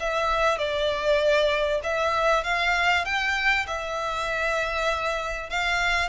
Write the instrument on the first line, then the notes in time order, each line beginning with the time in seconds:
violin
0.00 E5
0.58 D5
1.83 E5
2.44 F5
3.05 G5
3.67 E5
5.50 F5